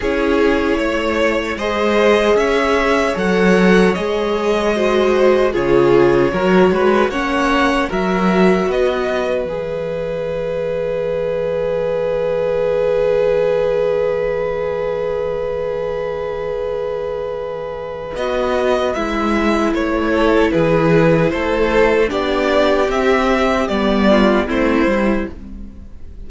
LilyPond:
<<
  \new Staff \with { instrumentName = "violin" } { \time 4/4 \tempo 4 = 76 cis''2 dis''4 e''4 | fis''4 dis''2 cis''4~ | cis''4 fis''4 e''4 dis''4 | e''1~ |
e''1~ | e''2. dis''4 | e''4 cis''4 b'4 c''4 | d''4 e''4 d''4 c''4 | }
  \new Staff \with { instrumentName = "violin" } { \time 4/4 gis'4 cis''4 c''4 cis''4~ | cis''2 c''4 gis'4 | ais'8 b'8 cis''4 ais'4 b'4~ | b'1~ |
b'1~ | b'1~ | b'4. a'8 gis'4 a'4 | g'2~ g'8 f'8 e'4 | }
  \new Staff \with { instrumentName = "viola" } { \time 4/4 e'2 gis'2 | a'4 gis'4 fis'4 f'4 | fis'4 cis'4 fis'2 | gis'1~ |
gis'1~ | gis'2. fis'4 | e'1 | d'4 c'4 b4 c'8 e'8 | }
  \new Staff \with { instrumentName = "cello" } { \time 4/4 cis'4 a4 gis4 cis'4 | fis4 gis2 cis4 | fis8 gis8 ais4 fis4 b4 | e1~ |
e1~ | e2. b4 | gis4 a4 e4 a4 | b4 c'4 g4 a8 g8 | }
>>